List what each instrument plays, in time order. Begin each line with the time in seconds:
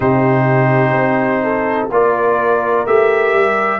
0.00 tuba C3, trombone D#4, horn G4, trumpet C5
0.92 tuba C4
1.43 horn A4
1.90 tuba A#3, trombone F4, horn A#4, trumpet D5
2.86 tuba A3, trombone G4, trumpet E5
3.33 tuba G3